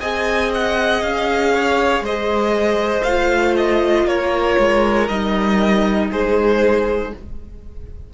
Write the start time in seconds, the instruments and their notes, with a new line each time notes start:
0.00 cello C4, viola G#4, violin D#5 G#5
0.54 violin F#5
1.02 cello C#4, violin F5
1.54 violin C#5
2.00 cello G#3, violin C5 D#5
3.03 cello A3, viola F4, violin F5
3.57 violin D#5
4.05 cello A#3, violin A#4 C#5
4.58 cello G#3
5.08 cello G3, viola D#4, violin D#5
6.10 cello G#3, violin G#4 C5